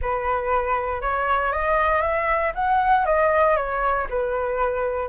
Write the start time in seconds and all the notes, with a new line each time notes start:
0.01 B4
1.01 C#5
1.52 D#5
2.01 E5
2.54 F#5
3.05 D#5
3.56 C#5
4.09 B4